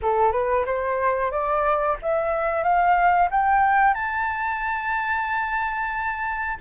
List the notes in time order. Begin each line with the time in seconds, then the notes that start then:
0.02 A4
0.31 B4
0.65 C5
1.31 D5
2.01 E5
2.63 F5
3.30 G5
3.94 A5